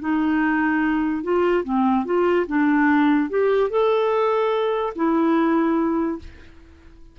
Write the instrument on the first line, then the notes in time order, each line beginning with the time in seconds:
clarinet
0.00 D#4
1.23 F4
1.64 C4
2.05 F4
2.47 D4
3.30 G4
3.70 A4
4.95 E4